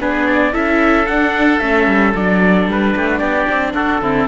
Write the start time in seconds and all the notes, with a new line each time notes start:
0.00 B3 D4 G#4 B4
0.27 D5
0.53 C#4 E4 A4 E5
1.06 D4 F#5
1.59 A3 C#4 E5
1.87 G3
2.15 F#3 D4 D5
2.68 G3 B4
2.96 A3 G4
3.09 F#4
3.18 B3 G4 D5
3.49 C4
3.74 D4 F#4 A4
4.01 D3 C4 E4